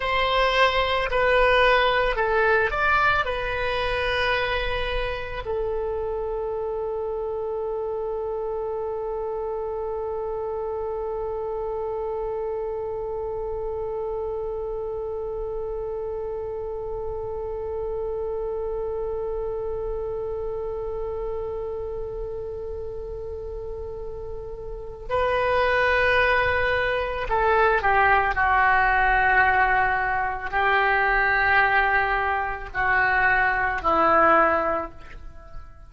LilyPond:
\new Staff \with { instrumentName = "oboe" } { \time 4/4 \tempo 4 = 55 c''4 b'4 a'8 d''8 b'4~ | b'4 a'2.~ | a'1~ | a'1~ |
a'1~ | a'2. b'4~ | b'4 a'8 g'8 fis'2 | g'2 fis'4 e'4 | }